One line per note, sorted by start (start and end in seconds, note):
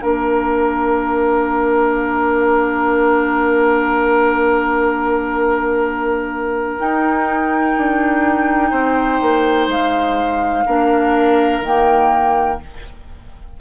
0.00 6.79 A#3
0.00 6.77 D4
0.00 8.71 A#4
0.00 6.79 F5
6.79 10.66 D#4
6.79 7.76 D#4
6.79 9.70 G5
7.77 8.72 D4
8.71 9.20 C4
8.71 10.64 C5
9.22 9.68 A#3
9.68 10.65 G#3
9.68 11.64 F5
10.66 11.61 A#3
10.66 11.64 D4
10.66 12.60 A#4
11.61 12.58 D#3
11.61 12.61 A#3
11.61 12.60 G5